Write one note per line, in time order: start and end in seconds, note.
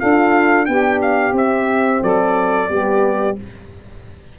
0.00 0.69 D4
0.00 0.67 F4
0.00 0.67 A4
0.00 0.66 F5
0.66 1.33 B3
0.66 1.35 D4
0.66 2.03 G4
0.66 1.00 G5
1.02 1.36 F5
1.33 2.00 C4
1.33 2.69 C4
1.33 2.04 E5
2.03 2.70 F#3
2.03 2.70 A4
2.03 3.38 D5
2.69 3.37 G3
2.69 3.37 B3
2.69 3.39 G4